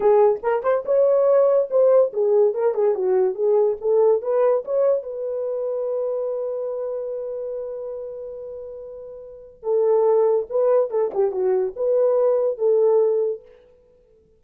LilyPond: \new Staff \with { instrumentName = "horn" } { \time 4/4 \tempo 4 = 143 gis'4 ais'8 c''8 cis''2 | c''4 gis'4 ais'8 gis'8 fis'4 | gis'4 a'4 b'4 cis''4 | b'1~ |
b'1~ | b'2. a'4~ | a'4 b'4 a'8 g'8 fis'4 | b'2 a'2 | }